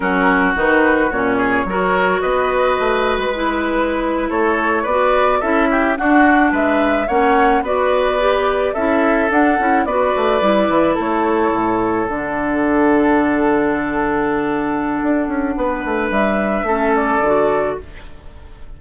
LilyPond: <<
  \new Staff \with { instrumentName = "flute" } { \time 4/4 \tempo 4 = 108 ais'4 b'4 cis''2 | dis''4.~ dis''16 b'2 cis''16~ | cis''8. d''4 e''4 fis''4 e''16~ | e''8. fis''4 d''2 e''16~ |
e''8. fis''4 d''2 cis''16~ | cis''4.~ cis''16 fis''2~ fis''16~ | fis''1~ | fis''4 e''4. d''4. | }
  \new Staff \with { instrumentName = "oboe" } { \time 4/4 fis'2~ fis'8 gis'8 ais'4 | b'2.~ b'8. a'16~ | a'8. b'4 a'8 g'8 fis'4 b'16~ | b'8. cis''4 b'2 a'16~ |
a'4.~ a'16 b'2 a'16~ | a'1~ | a'1 | b'2 a'2 | }
  \new Staff \with { instrumentName = "clarinet" } { \time 4/4 cis'4 dis'4 cis'4 fis'4~ | fis'2 e'2~ | e'8. fis'4 e'4 d'4~ d'16~ | d'8. cis'4 fis'4 g'4 e'16~ |
e'8. d'8 e'8 fis'4 e'4~ e'16~ | e'4.~ e'16 d'2~ d'16~ | d'1~ | d'2 cis'4 fis'4 | }
  \new Staff \with { instrumentName = "bassoon" } { \time 4/4 fis4 dis4 ais,4 fis4 | b4 a8. gis2 a16~ | a8. b4 cis'4 d'4 gis16~ | gis8. ais4 b2 cis'16~ |
cis'8. d'8 cis'8 b8 a8 g8 e8 a16~ | a8. a,4 d2~ d16~ | d2. d'8 cis'8 | b8 a8 g4 a4 d4 | }
>>